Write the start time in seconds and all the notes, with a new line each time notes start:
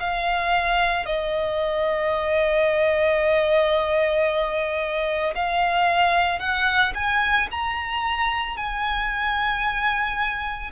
0.00 F5
1.06 D#5
5.35 F5
6.39 F#5
6.95 G#5
7.51 A#5
8.57 G#5